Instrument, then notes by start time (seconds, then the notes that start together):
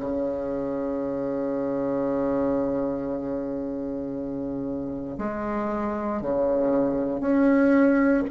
bassoon
0.00 C#3
5.18 G#3
6.22 C#3
7.20 C#4